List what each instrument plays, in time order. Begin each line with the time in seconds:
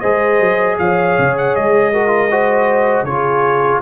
0.00 tuba G#3, trombone G#4, horn C5, trumpet D#5
0.40 tuba F#3
0.78 tuba F3, horn C#5, trumpet F5
1.18 tuba C#3
1.37 trumpet F#5
1.55 tuba G#3, trumpet D#5
1.93 trombone F#4, horn A#4
2.07 trombone F4
2.30 trombone F#4, horn C5
3.03 tuba C#3, trombone F4, horn G#4, trumpet C#5